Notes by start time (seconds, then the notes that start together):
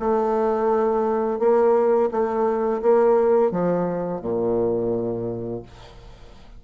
0.00 A3
1.40 A#3
2.12 A3
2.83 A#3
3.52 F3
4.22 A#2